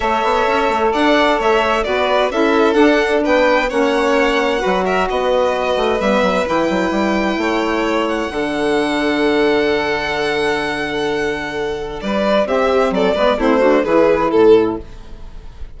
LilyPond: <<
  \new Staff \with { instrumentName = "violin" } { \time 4/4 \tempo 4 = 130 e''2 fis''4 e''4 | d''4 e''4 fis''4 g''4 | fis''2~ fis''8 e''8 dis''4~ | dis''4 e''4 g''2~ |
g''4. fis''2~ fis''8~ | fis''1~ | fis''2 d''4 e''4 | d''4 c''4 b'4 a'4 | }
  \new Staff \with { instrumentName = "violin" } { \time 4/4 cis''2 d''4 cis''4 | b'4 a'2 b'4 | cis''2 b'8 ais'8 b'4~ | b'1 |
cis''2 a'2~ | a'1~ | a'2 b'4 g'4 | a'8 b'8 e'8 fis'8 gis'4 a'4 | }
  \new Staff \with { instrumentName = "saxophone" } { \time 4/4 a'1 | fis'4 e'4 d'2 | cis'2 fis'2~ | fis'4 b4 e'2~ |
e'2 d'2~ | d'1~ | d'2. c'4~ | c'8 b8 c'8 d'8 e'2 | }
  \new Staff \with { instrumentName = "bassoon" } { \time 4/4 a8 b8 cis'8 a8 d'4 a4 | b4 cis'4 d'4 b4 | ais2 fis4 b4~ | b8 a8 g8 fis8 e8 fis8 g4 |
a2 d2~ | d1~ | d2 g4 c'4 | fis8 gis8 a4 e4 a,4 | }
>>